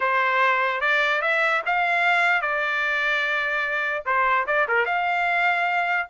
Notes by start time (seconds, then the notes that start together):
0.00 C5
0.81 D5
1.21 E5
1.66 F5
2.41 D5
4.05 C5
4.46 D5
4.68 A#4
4.85 F5